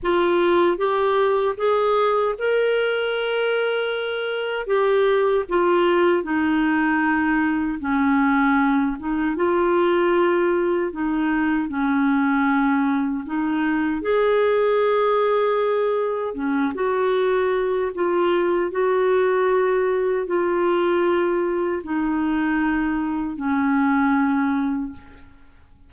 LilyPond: \new Staff \with { instrumentName = "clarinet" } { \time 4/4 \tempo 4 = 77 f'4 g'4 gis'4 ais'4~ | ais'2 g'4 f'4 | dis'2 cis'4. dis'8 | f'2 dis'4 cis'4~ |
cis'4 dis'4 gis'2~ | gis'4 cis'8 fis'4. f'4 | fis'2 f'2 | dis'2 cis'2 | }